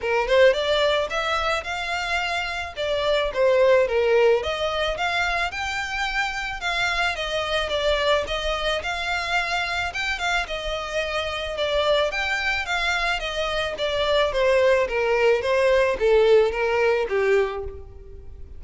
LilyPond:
\new Staff \with { instrumentName = "violin" } { \time 4/4 \tempo 4 = 109 ais'8 c''8 d''4 e''4 f''4~ | f''4 d''4 c''4 ais'4 | dis''4 f''4 g''2 | f''4 dis''4 d''4 dis''4 |
f''2 g''8 f''8 dis''4~ | dis''4 d''4 g''4 f''4 | dis''4 d''4 c''4 ais'4 | c''4 a'4 ais'4 g'4 | }